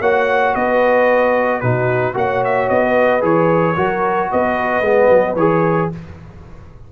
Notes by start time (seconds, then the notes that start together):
0.00 A#3 F#4 C#5 F#5
0.53 B3 B4 D#5
1.60 B2 D#4 F#4 B4
2.14 A#3 F#4 C#5 F#5
2.44 E5
2.69 B3 D#5
2.83 B4
3.21 E3 G#4 C#5
3.76 F#3 F#4 A#4
4.31 B3 B4 D#5
4.81 G#3 B3
5.09 F#3
5.35 E3 G#4 C#5